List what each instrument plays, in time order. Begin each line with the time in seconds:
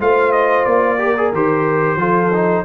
0.00 tuba A3, trombone F4, horn C5, trumpet F5
0.32 trumpet D#5
0.65 tuba A#3, trumpet D5
0.98 trombone G4, horn A#4
1.17 trombone G#4
1.32 tuba D#3, trombone G4, trumpet C5
1.96 tuba F3, trombone F4, horn A4
2.33 trombone D#4